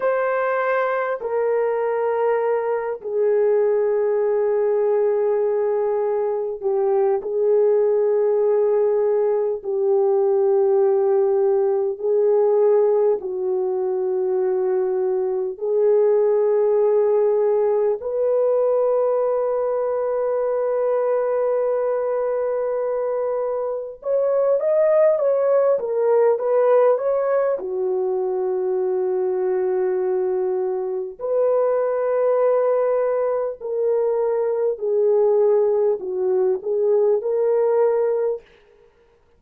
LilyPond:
\new Staff \with { instrumentName = "horn" } { \time 4/4 \tempo 4 = 50 c''4 ais'4. gis'4.~ | gis'4. g'8 gis'2 | g'2 gis'4 fis'4~ | fis'4 gis'2 b'4~ |
b'1 | cis''8 dis''8 cis''8 ais'8 b'8 cis''8 fis'4~ | fis'2 b'2 | ais'4 gis'4 fis'8 gis'8 ais'4 | }